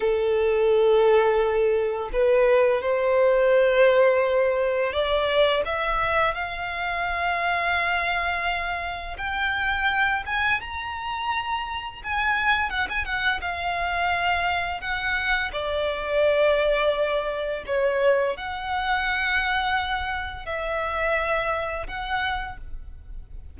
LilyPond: \new Staff \with { instrumentName = "violin" } { \time 4/4 \tempo 4 = 85 a'2. b'4 | c''2. d''4 | e''4 f''2.~ | f''4 g''4. gis''8 ais''4~ |
ais''4 gis''4 fis''16 gis''16 fis''8 f''4~ | f''4 fis''4 d''2~ | d''4 cis''4 fis''2~ | fis''4 e''2 fis''4 | }